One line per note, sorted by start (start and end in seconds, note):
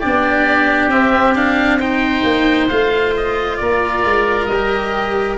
0.00 0.88 B3
0.00 0.91 D4
0.00 1.79 G4
0.00 0.90 D5
0.88 2.22 C4
0.88 1.35 C4
0.88 1.35 E5
1.35 1.80 D4
1.35 1.80 F5
1.79 2.70 D#4
1.79 3.58 C5
1.79 2.69 G5
2.24 2.69 A#3
2.69 3.61 A3
2.69 4.50 F4
2.69 3.14 F5
3.17 3.57 D#5
3.57 4.05 A#3
3.57 5.38 A#4
3.57 4.46 D5
4.05 4.47 G#3
4.46 5.37 G3
4.46 5.36 D#5
4.53 5.38 G4